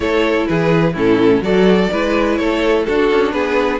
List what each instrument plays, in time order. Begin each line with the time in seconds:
0.00 cello A3, viola E4, violin A4 C#5
0.46 cello E3, violin G#4 B4
0.93 cello A2, viola C#4, violin E4 A4
1.40 cello F#3, viola F#4, violin A4 D5
1.91 cello G#3, viola E4, violin B4
2.36 cello A3, violin A4 C#5
2.84 viola D4, cello D4, violin F#4 A4
3.11 cello C#4
3.31 cello B3, violin G#4 B4